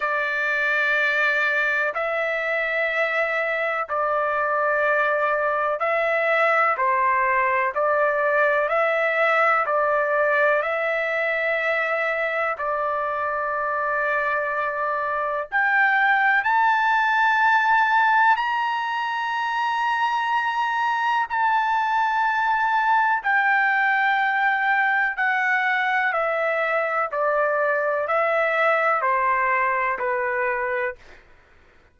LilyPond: \new Staff \with { instrumentName = "trumpet" } { \time 4/4 \tempo 4 = 62 d''2 e''2 | d''2 e''4 c''4 | d''4 e''4 d''4 e''4~ | e''4 d''2. |
g''4 a''2 ais''4~ | ais''2 a''2 | g''2 fis''4 e''4 | d''4 e''4 c''4 b'4 | }